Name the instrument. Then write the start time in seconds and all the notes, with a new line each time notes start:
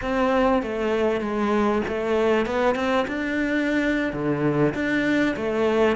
cello
0.01 C4
0.62 A3
1.21 G#3
1.88 A3
2.46 B3
2.75 C4
3.07 D4
4.12 D3
4.74 D4
5.36 A3